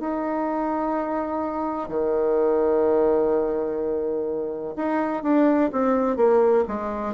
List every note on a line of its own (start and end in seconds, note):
0.00 1.89 D#4
1.89 4.75 D#3
4.77 5.23 D#4
5.23 5.71 D4
5.72 6.17 C4
6.17 6.65 A#3
6.68 7.14 G#3